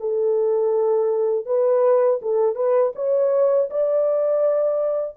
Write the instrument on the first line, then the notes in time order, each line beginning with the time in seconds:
horn
0.00 A4
1.45 B4
2.22 A4
2.56 B4
2.95 C#5
3.70 D5